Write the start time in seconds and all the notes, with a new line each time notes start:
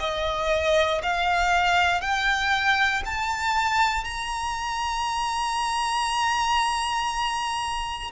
0.00 D#5
1.03 F5
2.01 G5
3.06 A5
4.04 A#5